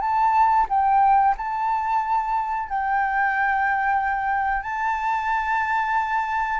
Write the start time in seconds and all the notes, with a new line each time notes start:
0.00 A5
0.69 G5
1.37 A5
2.69 G5
4.63 A5